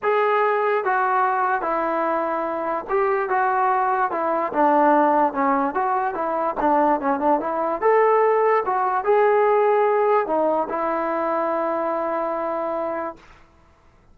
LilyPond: \new Staff \with { instrumentName = "trombone" } { \time 4/4 \tempo 4 = 146 gis'2 fis'2 | e'2. g'4 | fis'2 e'4 d'4~ | d'4 cis'4 fis'4 e'4 |
d'4 cis'8 d'8 e'4 a'4~ | a'4 fis'4 gis'2~ | gis'4 dis'4 e'2~ | e'1 | }